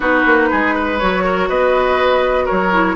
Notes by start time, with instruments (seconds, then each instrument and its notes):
0.00 bassoon B3, clarinet D#4, oboe F#4, flute B4
0.25 bassoon A#3
0.50 bassoon G#3, oboe G#4
0.74 oboe B4
0.98 bassoon F#3, clarinet F#4, flute C#5
1.23 oboe A#4
1.48 bassoon B3, oboe B4, flute D#5
2.45 bassoon F#3, oboe A#4, flute C#5
2.73 clarinet E4